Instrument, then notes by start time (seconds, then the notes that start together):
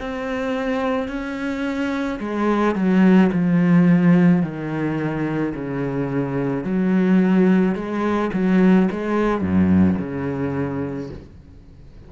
cello
0.00 C4
1.08 C#4
2.20 G#3
2.75 F#3
3.32 F3
4.43 D#3
5.55 C#3
6.64 F#3
7.75 G#3
8.33 F#3
8.91 G#3
9.42 F#2
9.99 C#3